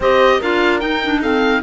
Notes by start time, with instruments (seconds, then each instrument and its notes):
0.00 cello C4, clarinet G4, horn C5, oboe D#5
0.39 cello D4, clarinet F4, horn A#4, oboe F5
0.80 clarinet D#4, cello D#4, oboe G5
1.03 clarinet D4
1.21 clarinet C4, horn A4, oboe F5